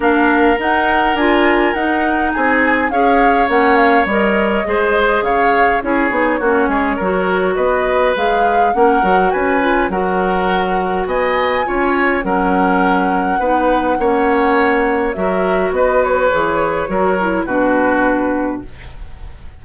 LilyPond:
<<
  \new Staff \with { instrumentName = "flute" } { \time 4/4 \tempo 4 = 103 f''4 fis''4 gis''4 fis''4 | gis''4 f''4 fis''8 f''8 dis''4~ | dis''4 f''4 cis''2~ | cis''4 dis''4 f''4 fis''4 |
gis''4 fis''2 gis''4~ | gis''4 fis''2.~ | fis''2 e''4 dis''8 cis''8~ | cis''2 b'2 | }
  \new Staff \with { instrumentName = "oboe" } { \time 4/4 ais'1 | gis'4 cis''2. | c''4 cis''4 gis'4 fis'8 gis'8 | ais'4 b'2 ais'4 |
b'4 ais'2 dis''4 | cis''4 ais'2 b'4 | cis''2 ais'4 b'4~ | b'4 ais'4 fis'2 | }
  \new Staff \with { instrumentName = "clarinet" } { \time 4/4 d'4 dis'4 f'4 dis'4~ | dis'4 gis'4 cis'4 ais'4 | gis'2 e'8 dis'8 cis'4 | fis'2 gis'4 cis'8 fis'8~ |
fis'8 f'8 fis'2. | f'4 cis'2 dis'4 | cis'2 fis'2 | gis'4 fis'8 e'8 d'2 | }
  \new Staff \with { instrumentName = "bassoon" } { \time 4/4 ais4 dis'4 d'4 dis'4 | c'4 cis'4 ais4 g4 | gis4 cis4 cis'8 b8 ais8 gis8 | fis4 b4 gis4 ais8 fis8 |
cis'4 fis2 b4 | cis'4 fis2 b4 | ais2 fis4 b4 | e4 fis4 b,2 | }
>>